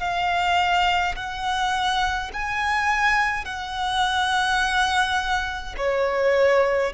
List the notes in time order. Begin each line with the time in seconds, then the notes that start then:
0.00 F5
1.16 F#5
2.33 G#5
3.45 F#5
5.77 C#5